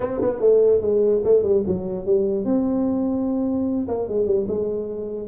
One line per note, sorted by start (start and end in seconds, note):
0.00 0.21 C4
0.21 0.40 B3
0.40 0.81 A3
0.81 1.21 G#3
1.24 1.43 A3
1.43 1.63 G3
1.66 2.05 F#3
2.05 2.45 G3
2.45 3.87 C4
3.87 4.08 A#3
4.08 4.26 G#3
4.26 4.46 G3
4.48 5.28 G#3